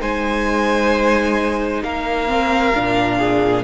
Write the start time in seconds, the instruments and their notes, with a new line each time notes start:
0.00 cello G#3, viola D#4, violin C5 G#5
1.82 cello A#3, violin A#4 F5
2.27 viola C4
2.74 cello A#2, viola D4
3.18 violin G#4